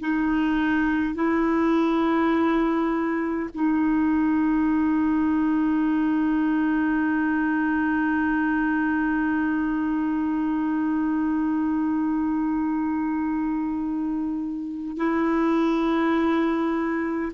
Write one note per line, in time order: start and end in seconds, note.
0.00 1.14 D#4
1.14 3.50 E4
3.54 14.97 D#4
14.97 17.32 E4